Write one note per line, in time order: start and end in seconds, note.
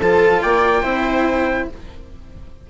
0.00 0.43 F3
0.00 0.83 F4
0.00 0.43 A4
0.00 0.42 A5
0.42 0.84 A#3
0.42 0.81 D5
0.42 1.70 G5
0.81 1.69 C4
0.81 1.68 E4
0.81 1.66 C5